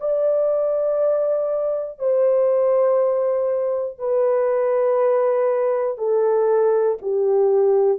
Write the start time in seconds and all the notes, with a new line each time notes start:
0.00 D5
2.00 C5
3.99 B4
5.98 A4
7.02 G4